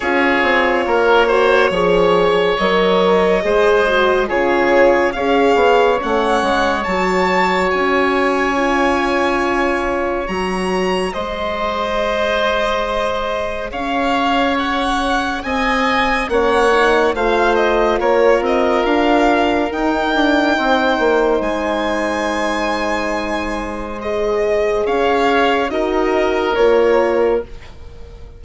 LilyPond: <<
  \new Staff \with { instrumentName = "violin" } { \time 4/4 \tempo 4 = 70 cis''2. dis''4~ | dis''4 cis''4 f''4 fis''4 | a''4 gis''2. | ais''4 dis''2. |
f''4 fis''4 gis''4 fis''4 | f''8 dis''8 cis''8 dis''8 f''4 g''4~ | g''4 gis''2. | dis''4 f''4 dis''4 cis''4 | }
  \new Staff \with { instrumentName = "oboe" } { \time 4/4 gis'4 ais'8 c''8 cis''2 | c''4 gis'4 cis''2~ | cis''1~ | cis''4 c''2. |
cis''2 dis''4 cis''4 | c''4 ais'2. | c''1~ | c''4 cis''4 ais'2 | }
  \new Staff \with { instrumentName = "horn" } { \time 4/4 f'4. fis'8 gis'4 ais'4 | gis'8 fis'8 f'4 gis'4 cis'4 | fis'2 f'2 | fis'4 gis'2.~ |
gis'2. cis'8 dis'8 | f'2. dis'4~ | dis'1 | gis'2 fis'4 f'4 | }
  \new Staff \with { instrumentName = "bassoon" } { \time 4/4 cis'8 c'8 ais4 f4 fis4 | gis4 cis4 cis'8 b8 a8 gis8 | fis4 cis'2. | fis4 gis2. |
cis'2 c'4 ais4 | a4 ais8 c'8 d'4 dis'8 d'8 | c'8 ais8 gis2.~ | gis4 cis'4 dis'4 ais4 | }
>>